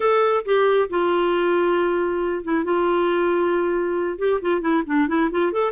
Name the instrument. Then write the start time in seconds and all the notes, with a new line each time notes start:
clarinet
0.00 A4
0.45 G4
0.89 F4
2.44 E4
2.64 F4
4.18 G4
4.41 F4
4.61 E4
4.86 D4
5.08 E4
5.31 F4
5.52 A4